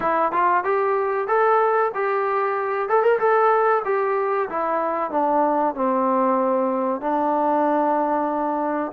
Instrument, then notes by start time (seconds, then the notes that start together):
trombone
0.00 E4
0.32 F4
0.64 G4
1.27 A4
1.94 G4
2.89 A4
3.02 A#4
3.19 A4
3.84 G4
4.49 E4
5.10 D4
5.74 C4
7.00 D4